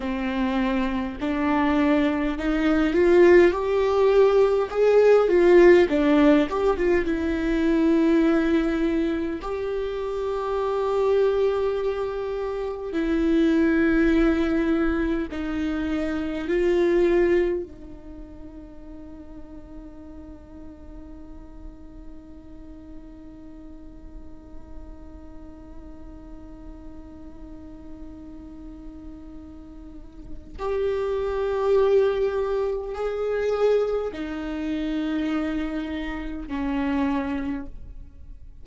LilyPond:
\new Staff \with { instrumentName = "viola" } { \time 4/4 \tempo 4 = 51 c'4 d'4 dis'8 f'8 g'4 | gis'8 f'8 d'8 g'16 f'16 e'2 | g'2. e'4~ | e'4 dis'4 f'4 dis'4~ |
dis'1~ | dis'1~ | dis'2 g'2 | gis'4 dis'2 cis'4 | }